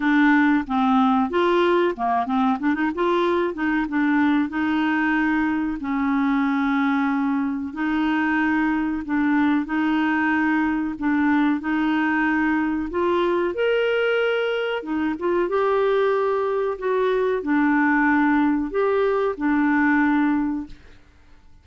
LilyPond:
\new Staff \with { instrumentName = "clarinet" } { \time 4/4 \tempo 4 = 93 d'4 c'4 f'4 ais8 c'8 | d'16 dis'16 f'4 dis'8 d'4 dis'4~ | dis'4 cis'2. | dis'2 d'4 dis'4~ |
dis'4 d'4 dis'2 | f'4 ais'2 dis'8 f'8 | g'2 fis'4 d'4~ | d'4 g'4 d'2 | }